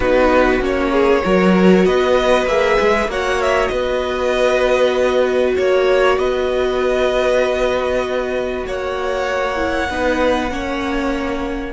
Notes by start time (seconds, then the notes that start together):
0.00 B3 D#4 F#4 B4
0.60 A#3 C#4 C#5
0.91 G#4
1.24 F#3 F#4 A#4
1.85 B3 B4 D#5
2.46 A#3 G#4 E5
2.80 G#3
3.07 A#3 F#4 C#5 F#5
3.41 E5
3.67 B3 B4 D#5
5.55 A#3 C#5
6.17 B3 B4 D#5
8.66 A#3 C#5 F#5
9.56 E4
9.89 B3 D#4 B4
10.50 A#3 C#4 C#5